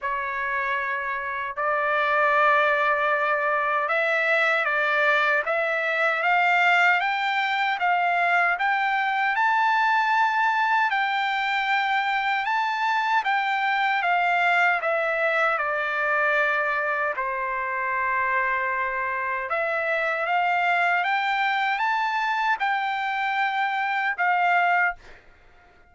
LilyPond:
\new Staff \with { instrumentName = "trumpet" } { \time 4/4 \tempo 4 = 77 cis''2 d''2~ | d''4 e''4 d''4 e''4 | f''4 g''4 f''4 g''4 | a''2 g''2 |
a''4 g''4 f''4 e''4 | d''2 c''2~ | c''4 e''4 f''4 g''4 | a''4 g''2 f''4 | }